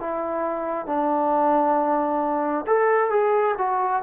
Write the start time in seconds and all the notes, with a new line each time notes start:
0.00 E4
0.86 D4
2.67 A4
3.10 G#4
3.58 F#4